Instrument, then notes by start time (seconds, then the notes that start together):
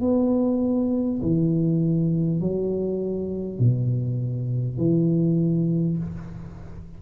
tuba
0.00 B3
1.22 E3
2.40 F#3
3.58 B2
4.77 E3